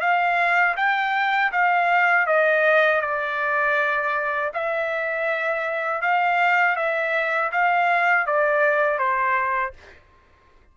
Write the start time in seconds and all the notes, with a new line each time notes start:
0.00 F5
0.76 G5
1.51 F5
2.26 D#5
3.01 D5
4.53 E5
6.01 F5
6.76 E5
7.52 F5
8.26 D5
8.98 C5